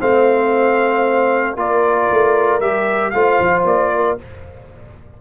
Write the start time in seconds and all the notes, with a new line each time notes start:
0.00 A3 C4 C5 F5
1.56 A#3 F4 A#4 D5
2.10 A3
2.60 G3 G4 E5
3.10 A3 F4 C5 F5
3.40 F3
3.64 A#3 D5
3.95 A#4